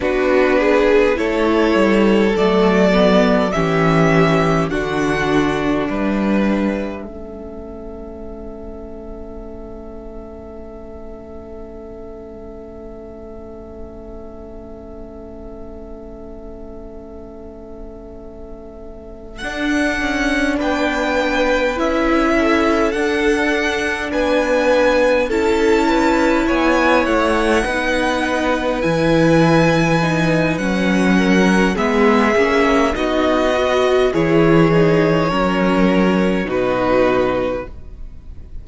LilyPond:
<<
  \new Staff \with { instrumentName = "violin" } { \time 4/4 \tempo 4 = 51 b'4 cis''4 d''4 e''4 | fis''4 e''2.~ | e''1~ | e''1~ |
e''8 fis''4 g''4 e''4 fis''8~ | fis''8 gis''4 a''4 gis''8 fis''4~ | fis''8 gis''4. fis''4 e''4 | dis''4 cis''2 b'4 | }
  \new Staff \with { instrumentName = "violin" } { \time 4/4 fis'8 gis'8 a'2 g'4 | fis'4 b'4 a'2~ | a'1~ | a'1~ |
a'4. b'4. a'4~ | a'8 b'4 a'8 b'8 cis''4 b'8~ | b'2~ b'8 ais'8 gis'4 | fis'4 gis'4 ais'4 fis'4 | }
  \new Staff \with { instrumentName = "viola" } { \time 4/4 d'4 e'4 a8 b8 cis'4 | d'2 cis'2~ | cis'1~ | cis'1~ |
cis'8 d'2 e'4 d'8~ | d'4. e'2 dis'8~ | dis'8 e'4 dis'8 cis'4 b8 cis'8 | dis'8 fis'8 e'8 dis'8 cis'4 dis'4 | }
  \new Staff \with { instrumentName = "cello" } { \time 4/4 b4 a8 g8 fis4 e4 | d4 g4 a2~ | a1~ | a1~ |
a8 d'8 cis'8 b4 cis'4 d'8~ | d'8 b4 cis'4 b8 a8 b8~ | b8 e4. fis4 gis8 ais8 | b4 e4 fis4 b,4 | }
>>